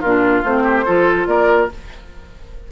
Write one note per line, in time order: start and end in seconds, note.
0.00 0.44 A#2
0.00 0.45 D4
0.00 0.63 F4
0.00 0.43 A#4
0.44 0.86 A3
0.44 0.86 C4
0.44 1.26 C5
0.63 0.84 G4
0.85 1.26 F3
0.85 1.70 F4
0.85 1.27 A4
1.26 1.68 A#3
1.26 1.71 A#4
1.26 1.68 D5